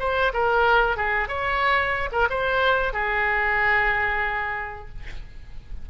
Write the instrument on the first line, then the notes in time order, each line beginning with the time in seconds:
oboe
0.00 C5
0.34 A#4
0.97 G#4
1.29 C#5
2.12 A#4
2.30 C5
2.93 G#4